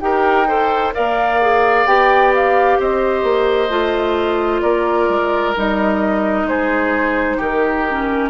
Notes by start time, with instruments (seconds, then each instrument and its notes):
0.00 bassoon D#4, clarinet G4, oboe A#4, flute G5
0.47 clarinet A4, oboe C5
0.93 bassoon A#3, clarinet A#4, oboe D5, flute F5
1.41 clarinet G#4
1.85 bassoon B3, clarinet G4, flute G5
2.34 flute F5
2.79 bassoon C4, oboe C5, flute D#5
3.23 bassoon A#3
3.69 bassoon A3, clarinet F4
4.61 bassoon A#3, oboe A#4, flute D5
5.08 bassoon G#3
5.56 bassoon G3, clarinet D#4, flute D#5
6.43 bassoon G#3, oboe G#4, flute C5
7.37 bassoon D#3, oboe G4, flute A#4
7.89 clarinet C#4